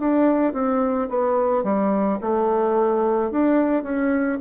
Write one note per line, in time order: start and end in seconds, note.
0.00 0.54 D4
0.54 1.09 C4
1.10 1.64 B3
1.64 2.20 G3
2.22 3.31 A3
3.31 3.83 D4
3.83 4.39 C#4